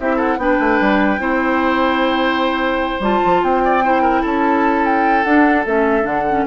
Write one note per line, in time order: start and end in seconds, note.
0.00 0.37 C4
0.00 0.40 E4
0.00 0.17 G4
0.00 0.20 E5
0.17 0.37 A4
0.17 0.39 F#5
0.37 0.58 B3
0.37 1.19 D4
0.37 1.21 B4
0.37 3.03 G5
0.60 0.80 A3
0.81 1.19 G3
1.19 3.00 C4
1.19 3.02 E4
1.19 3.64 C5
3.00 3.20 G3
3.00 3.83 F4
3.00 3.44 A5
3.25 3.43 F3
3.43 4.24 C4
3.43 4.25 G5
3.65 3.85 D5
3.85 5.25 E4
3.85 4.02 C5
4.02 4.22 A#4
4.22 5.25 C#4
4.22 6.45 A4
4.22 4.85 A5
4.85 5.24 G5
5.24 5.66 D4
5.24 5.65 F#5
5.66 6.05 A3
5.66 6.02 C#4
5.66 6.07 E5
6.02 6.46 D3
6.02 6.23 D4
6.02 6.47 F#5
6.30 6.47 C#4